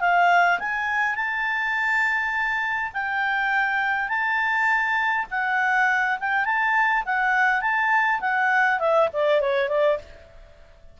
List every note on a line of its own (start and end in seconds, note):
0.00 0.59 F5
0.59 1.15 G#5
1.15 2.92 A5
2.93 4.08 G5
4.08 5.26 A5
5.30 6.18 F#5
6.20 6.45 G5
6.45 7.03 A5
7.05 7.61 F#5
7.61 8.20 A5
8.20 8.79 F#5
8.79 9.08 E5
9.13 9.40 D5
9.40 9.68 C#5
9.68 9.98 D5